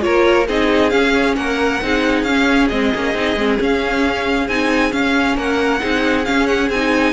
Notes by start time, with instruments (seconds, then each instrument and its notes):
0.00 cello A#3, viola F4, violin A#4 C#5
0.48 cello C4, viola D#4, violin G#4 D#5
0.90 viola C#4, cello C#4, violin F5
1.36 cello A#3, violin A#4 F#5
1.82 cello C4, viola D#4, violin G#4
2.23 cello C#4, viola C#4, violin F5
2.69 cello G#3, viola C4, violin D#5
2.95 cello A#3, viola C#4
3.14 cello C4, viola D#4
3.36 cello G#3, viola C4
3.60 viola C#4, cello C#4, violin F5
4.48 cello C4, viola D#4, violin G#5
4.91 viola C#4, cello C#4, violin F5
5.36 cello A#3, violin A#4 F#5
5.80 cello C4, viola D#4, violin G#4
6.25 viola C#4, cello C#4, violin F5
6.47 violin F#5
6.70 cello C4, viola D#4, violin G#5